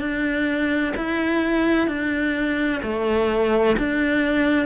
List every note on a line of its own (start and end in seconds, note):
0.00 0.94 D4
0.97 1.88 E4
1.88 2.82 D4
2.83 3.77 A3
3.78 4.66 D4